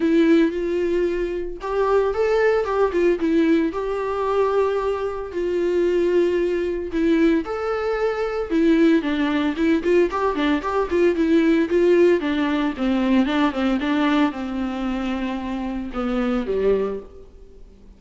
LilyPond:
\new Staff \with { instrumentName = "viola" } { \time 4/4 \tempo 4 = 113 e'4 f'2 g'4 | a'4 g'8 f'8 e'4 g'4~ | g'2 f'2~ | f'4 e'4 a'2 |
e'4 d'4 e'8 f'8 g'8 d'8 | g'8 f'8 e'4 f'4 d'4 | c'4 d'8 c'8 d'4 c'4~ | c'2 b4 g4 | }